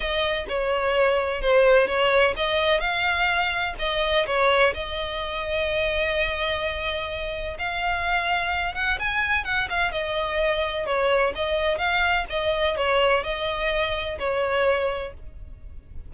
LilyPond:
\new Staff \with { instrumentName = "violin" } { \time 4/4 \tempo 4 = 127 dis''4 cis''2 c''4 | cis''4 dis''4 f''2 | dis''4 cis''4 dis''2~ | dis''1 |
f''2~ f''8 fis''8 gis''4 | fis''8 f''8 dis''2 cis''4 | dis''4 f''4 dis''4 cis''4 | dis''2 cis''2 | }